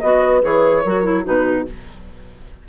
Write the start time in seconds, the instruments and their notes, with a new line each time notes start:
0.00 bassoon B3, clarinet F#4, flute D#5, horn D#5
0.21 horn B4
0.41 bassoon E3, clarinet G#4, flute C#5
0.83 bassoon F#3, clarinet F#4, horn A#4
1.03 clarinet E4
1.24 bassoon B2, clarinet D#4, horn F#4, flute B4